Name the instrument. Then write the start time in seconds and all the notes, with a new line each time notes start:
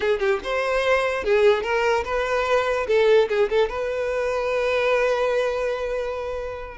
violin
0.00 G#4
0.19 G4
0.43 C5
1.23 G#4
1.62 A#4
2.04 B4
2.87 A4
3.28 G#4
3.49 A4
3.69 B4